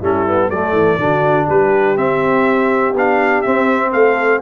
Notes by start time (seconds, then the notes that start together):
0.00 G3 C#4 E4 A4
0.27 B3
0.50 F#3 A3 A4 D5
0.72 E3
0.98 D3 D4 F#4
1.47 G3 G4 B4
1.96 C4 E5
2.94 B3 D4 F5
3.41 C4 E5
3.92 A3 A4 F5